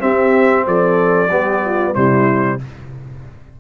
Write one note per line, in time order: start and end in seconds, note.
0.00 1.29 C4
0.00 0.66 C4
0.00 0.66 G4
0.00 0.66 E5
0.66 1.30 F3
0.66 1.32 A4
0.66 1.95 D5
1.30 1.94 G3
1.30 1.94 B3
1.30 1.65 G4
1.65 1.96 F4
1.94 2.60 C3
1.94 2.59 G3
1.94 2.60 E4
1.94 2.60 C5